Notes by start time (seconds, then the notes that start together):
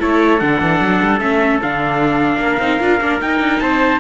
0.00 A3 E4 A4 C#5
0.40 D3 D4 F#5
0.62 E3
0.81 F#3
1.03 G3
1.20 A3 C#4 E5
1.63 D3 D4 F5
2.38 A#3 A#4
2.60 C4 D#4
2.80 D4 F4
3.02 A#3 D4
3.22 D#4 G5
3.40 D4
3.60 C4 C5 A5